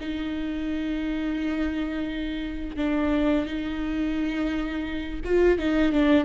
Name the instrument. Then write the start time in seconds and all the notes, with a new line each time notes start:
viola
0.00 D#4
2.76 D4
3.46 D#4
5.25 F4
5.58 D#4
5.92 D4